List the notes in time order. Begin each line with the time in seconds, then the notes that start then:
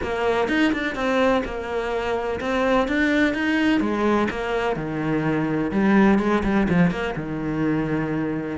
0.02 A#3
0.48 D#4
0.72 D4
0.95 C4
1.44 A#3
2.40 C4
2.87 D4
3.34 D#4
3.80 G#3
4.30 A#3
4.76 D#3
5.71 G3
6.19 G#3
6.43 G3
6.69 F3
6.90 A#3
7.16 D#3